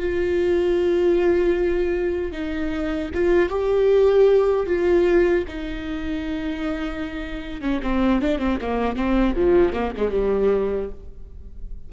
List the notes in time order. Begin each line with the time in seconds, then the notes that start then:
0.00 F4
2.33 D#4
3.15 F4
3.50 G4
4.67 F4
5.48 D#4
7.62 C#4
7.83 C4
8.22 D4
8.39 C4
8.62 A#3
8.96 C4
9.36 F3
9.73 A#3
9.97 G#3
10.12 G3